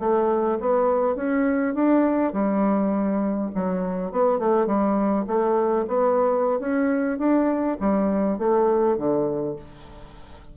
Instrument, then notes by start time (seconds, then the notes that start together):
bassoon
0.00 A3
0.60 B3
1.16 C#4
1.75 D4
2.33 G3
3.55 F#3
4.12 B3
4.39 A3
4.67 G3
5.28 A3
5.88 B3
6.60 C#4
7.19 D4
7.80 G3
8.39 A3
8.98 D3